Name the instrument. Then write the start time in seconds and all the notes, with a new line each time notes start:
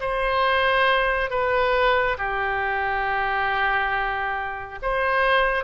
oboe
0.00 C5
1.30 B4
2.18 G4
4.82 C5